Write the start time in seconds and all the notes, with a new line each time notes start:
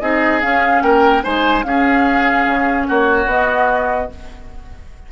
0.00 C4 D#4 G#4 D#5
0.41 C#4 F5
0.82 A#3 A#4 G5
1.23 G#3 D#4 C5 G#5
1.64 C#4 G#4 F5
2.47 C#3
2.88 A#3 F#4 C#5
3.26 B3 D#5